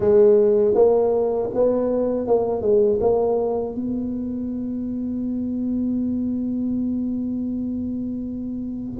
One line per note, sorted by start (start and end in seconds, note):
0.00 0.74 G#3
0.74 1.49 A#3
1.53 2.27 B3
2.27 2.61 A#3
2.61 2.99 G#3
3.00 3.75 A#3
3.75 9.00 B3